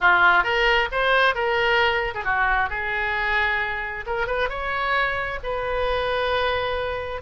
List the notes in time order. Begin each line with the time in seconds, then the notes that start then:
0.00 F4
0.43 A#4
0.91 C5
1.35 A#4
2.14 G#4
2.24 F#4
2.69 G#4
4.06 A#4
4.26 B4
4.49 C#5
5.43 B4